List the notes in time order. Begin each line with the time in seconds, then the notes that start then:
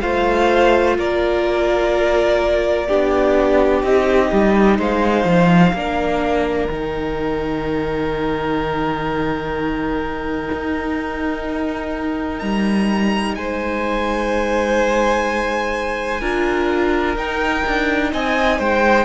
0.00 A3 F4 C5 F5
0.97 A#3 A#4 D5
2.87 B3 D4 G4
3.83 C4 D#4 D#5
4.32 G3
4.78 G#3 C5 F5
5.24 F3
5.73 A#3 D4 A#4
6.68 D#3 D#4 G5
10.52 D#4
12.39 G3 A#5
13.35 G#3 C5 G#5
16.20 D4 F4 A#4
17.16 D#4 G5
17.66 D4
18.13 C4 D#5 G#5
18.58 G#3 C5 G5